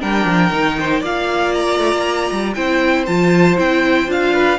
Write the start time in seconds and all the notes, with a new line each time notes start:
0.00 G3 D4 A#4 G5
0.25 F3
0.51 D#3 D#4
0.79 C5
1.01 A#3 F4 D5 F5
1.54 A#5
1.80 A3
1.92 A#3
2.31 G3
2.54 C4 E4 C5 G5
3.06 F3 F4 A5
3.57 C4 E4 G5
4.07 D4 F4 F5
4.33 B4